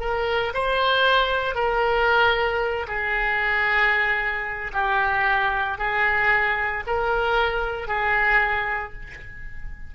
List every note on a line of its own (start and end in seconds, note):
0.00 0.53 A#4
0.54 1.55 C5
1.55 2.87 A#4
2.88 4.72 G#4
4.73 5.78 G4
5.78 6.83 G#4
6.87 7.88 A#4
7.88 8.93 G#4